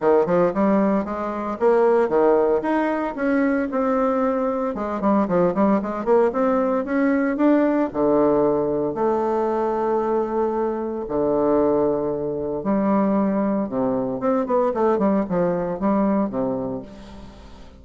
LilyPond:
\new Staff \with { instrumentName = "bassoon" } { \time 4/4 \tempo 4 = 114 dis8 f8 g4 gis4 ais4 | dis4 dis'4 cis'4 c'4~ | c'4 gis8 g8 f8 g8 gis8 ais8 | c'4 cis'4 d'4 d4~ |
d4 a2.~ | a4 d2. | g2 c4 c'8 b8 | a8 g8 f4 g4 c4 | }